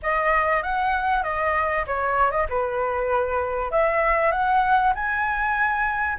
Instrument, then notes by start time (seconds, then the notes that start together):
flute
0.02 D#5
0.62 F#5
1.23 D#5
1.86 C#5
2.31 D#5
2.49 B4
3.71 E5
4.31 F#5
4.94 G#5